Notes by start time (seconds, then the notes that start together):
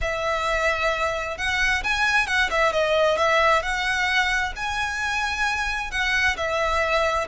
0.01 E5
1.37 F#5
1.83 G#5
2.26 F#5
2.50 E5
2.72 D#5
3.17 E5
3.62 F#5
4.56 G#5
5.91 F#5
6.36 E5